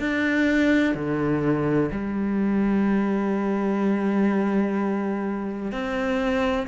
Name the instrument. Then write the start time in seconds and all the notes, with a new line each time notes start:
cello
0.00 D4
0.95 D3
1.92 G3
5.72 C4